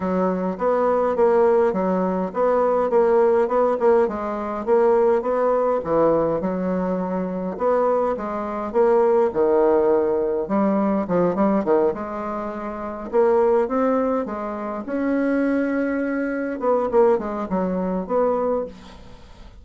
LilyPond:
\new Staff \with { instrumentName = "bassoon" } { \time 4/4 \tempo 4 = 103 fis4 b4 ais4 fis4 | b4 ais4 b8 ais8 gis4 | ais4 b4 e4 fis4~ | fis4 b4 gis4 ais4 |
dis2 g4 f8 g8 | dis8 gis2 ais4 c'8~ | c'8 gis4 cis'2~ cis'8~ | cis'8 b8 ais8 gis8 fis4 b4 | }